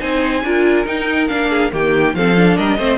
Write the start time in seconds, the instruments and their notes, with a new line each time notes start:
0.00 cello C4, viola D#4, violin C5 G#5
0.43 cello D4, viola F4, violin A#4
0.85 viola D#4, cello D#4, violin G5
1.28 cello A#3, viola D4, violin F5
1.50 violin G#4
1.72 cello D#3, viola A#3, violin G4 G5
2.15 cello F3, viola C4, violin A4 F5
2.36 viola D4
2.57 cello G3, violin A#4 D#5
2.78 cello A3, viola C4, violin C5